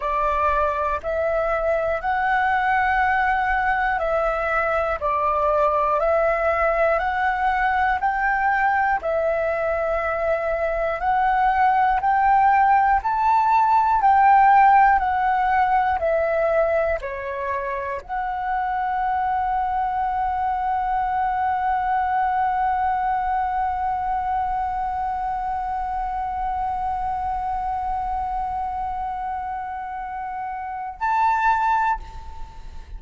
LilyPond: \new Staff \with { instrumentName = "flute" } { \time 4/4 \tempo 4 = 60 d''4 e''4 fis''2 | e''4 d''4 e''4 fis''4 | g''4 e''2 fis''4 | g''4 a''4 g''4 fis''4 |
e''4 cis''4 fis''2~ | fis''1~ | fis''1~ | fis''2. a''4 | }